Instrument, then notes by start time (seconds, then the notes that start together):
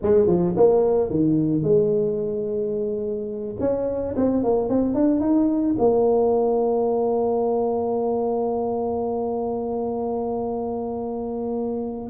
tuba
0.02 G#3
0.26 F3
0.56 A#3
1.10 D#3
1.62 G#3
3.60 C#4
4.16 C4
4.43 A#3
4.69 C4
4.94 D4
5.20 D#4
5.78 A#3